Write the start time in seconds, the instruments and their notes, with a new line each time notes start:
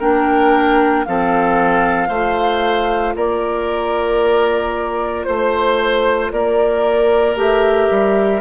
0.00 bassoon A#3, clarinet D4, oboe A#4, flute G5
1.06 bassoon F3, clarinet C4, oboe A4, flute F5
2.08 bassoon A3, clarinet F4, oboe C5
3.16 bassoon A#3, oboe A#4, flute D5
5.25 bassoon A3, flute C5, oboe C5
6.32 bassoon A#3, oboe A#4, flute D5
7.36 bassoon A3, clarinet G4, flute E5
7.91 bassoon G3